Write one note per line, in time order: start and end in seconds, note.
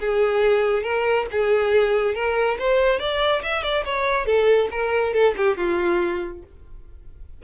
0.00 0.83 G#4
0.83 1.26 A#4
1.31 2.15 G#4
2.15 2.58 A#4
2.59 2.99 C5
2.99 3.42 D5
3.43 3.63 E5
3.63 3.84 D5
3.85 4.26 C#5
4.26 4.69 A4
4.71 5.13 A#4
5.13 5.35 A4
5.37 5.57 G4
5.57 6.43 F4